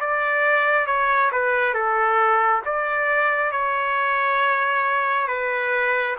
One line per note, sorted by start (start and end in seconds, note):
0.00 0.86 D5
0.86 1.30 C#5
1.32 1.74 B4
1.74 2.62 A4
2.65 3.51 D5
3.51 5.27 C#5
5.27 6.16 B4